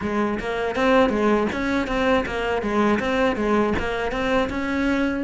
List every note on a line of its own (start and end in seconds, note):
0.01 0.39 G#3
0.40 0.75 A#3
0.75 1.09 C4
1.09 1.47 G#3
1.52 1.87 C#4
1.87 2.24 C4
2.25 2.61 A#3
2.61 2.99 G#3
2.99 3.36 C4
3.36 3.73 G#3
3.79 4.11 A#3
4.11 4.49 C4
4.49 5.23 C#4